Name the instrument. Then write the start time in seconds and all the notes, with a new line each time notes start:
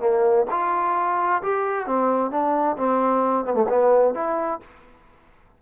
trombone
0.00 A#3
0.51 F4
1.43 G4
1.87 C4
2.31 D4
2.77 C4
3.46 B3
3.54 A3
3.70 B3
4.15 E4